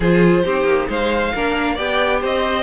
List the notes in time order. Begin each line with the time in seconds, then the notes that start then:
0.00 F3 F4 G#4 C5
0.44 C4 D#4 G4
0.64 A#3
0.88 G#3 C5 F5
1.34 A#3 D4 A#4
1.74 B3 G4 D5 G5
2.21 C4 C5 D#5